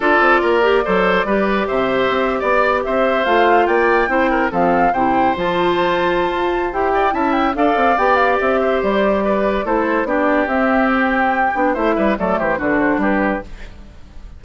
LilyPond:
<<
  \new Staff \with { instrumentName = "flute" } { \time 4/4 \tempo 4 = 143 d''1 | e''4.~ e''16 d''4 e''4 f''16~ | f''8. g''2 f''4 g''16~ | g''8. a''2.~ a''16 |
g''4 a''8 g''8 f''4 g''8 f''8 | e''4 d''2 c''4 | d''4 e''4 g''2 | e''4 d''8 c''8 b'8 c''8 b'4 | }
  \new Staff \with { instrumentName = "oboe" } { \time 4/4 a'4 ais'4 c''4 b'4 | c''4.~ c''16 d''4 c''4~ c''16~ | c''8. d''4 c''8 ais'8 a'4 c''16~ | c''1~ |
c''8 d''8 e''4 d''2~ | d''8 c''4. b'4 a'4 | g'1 | c''8 b'8 a'8 g'8 fis'4 g'4 | }
  \new Staff \with { instrumentName = "clarinet" } { \time 4/4 f'4. g'8 a'4 g'4~ | g'2.~ g'8. f'16~ | f'4.~ f'16 e'4 c'4 e'16~ | e'8. f'2.~ f'16 |
g'4 e'4 a'4 g'4~ | g'2. e'4 | d'4 c'2~ c'8 d'8 | e'4 a4 d'2 | }
  \new Staff \with { instrumentName = "bassoon" } { \time 4/4 d'8 c'8 ais4 fis4 g4 | c4 c'8. b4 c'4 a16~ | a8. ais4 c'4 f4 c16~ | c8. f2~ f16 f'4 |
e'4 cis'4 d'8 c'8 b4 | c'4 g2 a4 | b4 c'2~ c'8 b8 | a8 g8 fis8 e8 d4 g4 | }
>>